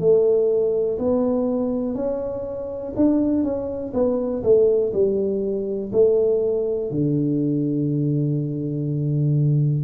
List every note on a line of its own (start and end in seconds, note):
0.00 0.98 A3
0.99 1.95 B3
1.95 2.93 C#4
2.96 3.44 D4
3.44 3.93 C#4
3.94 4.43 B3
4.44 4.93 A3
4.93 5.92 G3
5.93 6.91 A3
6.91 9.85 D3